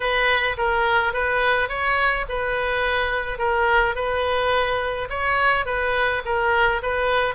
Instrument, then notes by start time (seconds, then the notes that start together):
oboe
0.00 B4
0.57 A#4
1.13 B4
1.69 C#5
2.28 B4
3.38 A#4
3.95 B4
5.09 C#5
5.65 B4
6.25 A#4
6.82 B4